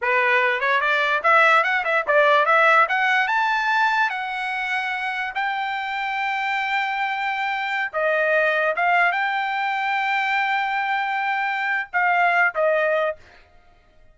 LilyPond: \new Staff \with { instrumentName = "trumpet" } { \time 4/4 \tempo 4 = 146 b'4. cis''8 d''4 e''4 | fis''8 e''8 d''4 e''4 fis''4 | a''2 fis''2~ | fis''4 g''2.~ |
g''2.~ g''16 dis''8.~ | dis''4~ dis''16 f''4 g''4.~ g''16~ | g''1~ | g''4 f''4. dis''4. | }